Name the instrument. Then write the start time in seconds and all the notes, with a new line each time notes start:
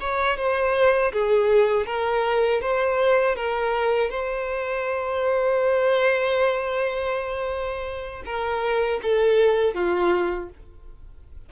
violin
0.00 C#5
0.36 C5
1.12 G#4
1.86 A#4
2.61 C5
3.35 A#4
4.10 C5
8.25 A#4
9.02 A4
9.74 F4